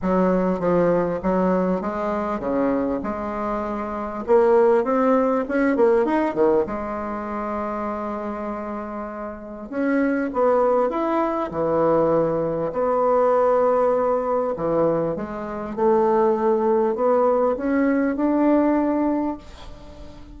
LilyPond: \new Staff \with { instrumentName = "bassoon" } { \time 4/4 \tempo 4 = 99 fis4 f4 fis4 gis4 | cis4 gis2 ais4 | c'4 cis'8 ais8 dis'8 dis8 gis4~ | gis1 |
cis'4 b4 e'4 e4~ | e4 b2. | e4 gis4 a2 | b4 cis'4 d'2 | }